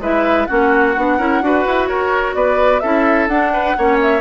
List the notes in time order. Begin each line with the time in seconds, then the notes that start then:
0.00 G#3 E4 B4 E5
0.47 A#3 C#4 F#4 F#5
0.97 B3 D4
1.18 C#4 E4 A#4
1.42 D4 F#4 B4
1.67 E4
1.87 F#4 A#4 C#5
2.35 B3 B4 D5
2.80 C#4 E4 A4 E5
3.28 D4 F#5
3.53 B4
3.78 A#3 C#4 C#5
4.02 E5